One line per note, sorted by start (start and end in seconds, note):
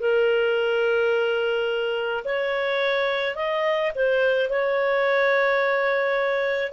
0.00 2.24 A#4
2.25 3.36 C#5
3.36 3.92 D#5
3.96 4.50 C5
4.50 6.73 C#5